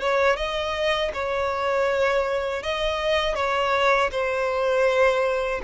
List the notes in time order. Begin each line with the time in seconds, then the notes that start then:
0.00 C#5
0.36 D#5
1.14 C#5
2.62 D#5
3.35 C#5
4.11 C5